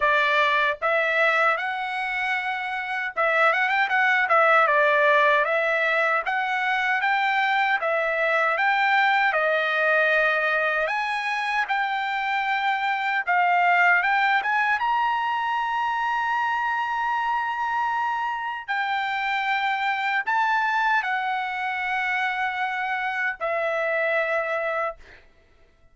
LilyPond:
\new Staff \with { instrumentName = "trumpet" } { \time 4/4 \tempo 4 = 77 d''4 e''4 fis''2 | e''8 fis''16 g''16 fis''8 e''8 d''4 e''4 | fis''4 g''4 e''4 g''4 | dis''2 gis''4 g''4~ |
g''4 f''4 g''8 gis''8 ais''4~ | ais''1 | g''2 a''4 fis''4~ | fis''2 e''2 | }